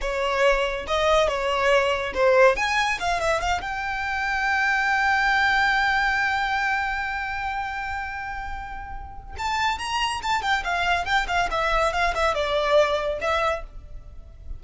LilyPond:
\new Staff \with { instrumentName = "violin" } { \time 4/4 \tempo 4 = 141 cis''2 dis''4 cis''4~ | cis''4 c''4 gis''4 f''8 e''8 | f''8 g''2.~ g''8~ | g''1~ |
g''1~ | g''2 a''4 ais''4 | a''8 g''8 f''4 g''8 f''8 e''4 | f''8 e''8 d''2 e''4 | }